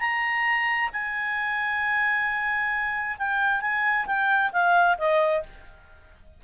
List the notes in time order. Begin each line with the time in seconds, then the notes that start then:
0.00 A#5
0.93 G#5
3.18 G5
3.61 G#5
4.06 G5
4.52 F5
4.98 D#5